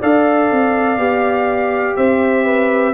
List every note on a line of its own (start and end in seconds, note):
0.00 0.51 D4
0.00 0.98 A4
0.00 1.97 D5
0.00 1.97 F5
0.51 0.98 C4
0.98 1.96 B3
0.98 2.94 G4
1.97 2.94 C4
1.97 2.45 C5
1.97 2.94 E5
2.45 2.94 B4